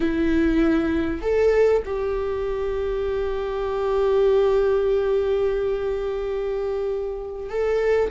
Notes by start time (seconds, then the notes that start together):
0.00 E4
1.21 A4
1.85 G4
7.49 A4